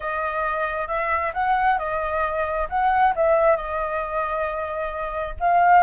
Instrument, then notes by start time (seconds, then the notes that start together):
flute
0.00 D#5
0.87 E5
1.33 F#5
1.78 D#5
2.69 F#5
3.15 E5
3.56 D#5
5.40 F5